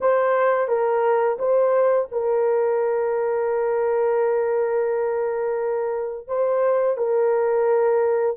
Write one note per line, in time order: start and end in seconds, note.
0.00 0.68 C5
0.68 1.37 A#4
1.38 2.08 C5
2.11 6.27 A#4
6.27 6.97 C5
6.97 8.37 A#4